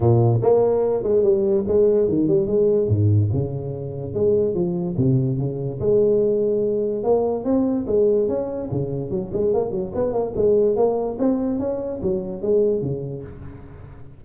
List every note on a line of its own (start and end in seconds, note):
0.00 0.40 A#2
0.42 1.03 A#3
1.03 1.22 G#3
1.22 1.64 G3
1.67 2.08 G#3
2.08 2.27 D#3
2.27 2.46 G3
2.46 2.87 G#3
2.87 3.29 G#2
3.32 4.14 C#3
4.14 4.54 G#3
4.54 4.95 F3
4.97 5.38 C3
5.38 5.79 C#3
5.79 7.03 G#3
7.03 7.44 A#3
7.44 7.85 C4
7.86 8.28 G#3
8.28 8.69 C#4
8.71 9.10 C#3
9.10 9.31 F#3
9.33 9.53 G#3
9.53 9.71 A#3
9.71 9.92 F#3
9.94 10.13 B3
10.13 10.33 A#3
10.36 10.76 G#3
10.76 11.17 A#3
11.18 11.59 C4
11.59 12.00 C#4
12.02 12.41 F#3
12.41 12.81 G#3
12.81 13.22 C#3